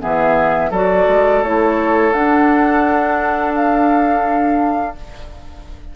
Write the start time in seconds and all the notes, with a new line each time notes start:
0.00 E3 B3 G#4 E5
0.71 F#3 F#4 A4 D5
1.08 G#3
1.42 A3 E4 C#5
2.13 D4 F#5
3.55 F5